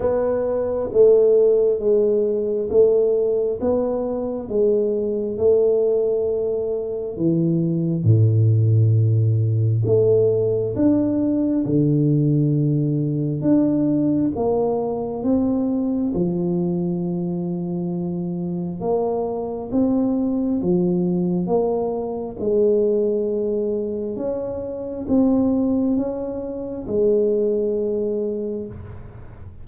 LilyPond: \new Staff \with { instrumentName = "tuba" } { \time 4/4 \tempo 4 = 67 b4 a4 gis4 a4 | b4 gis4 a2 | e4 a,2 a4 | d'4 d2 d'4 |
ais4 c'4 f2~ | f4 ais4 c'4 f4 | ais4 gis2 cis'4 | c'4 cis'4 gis2 | }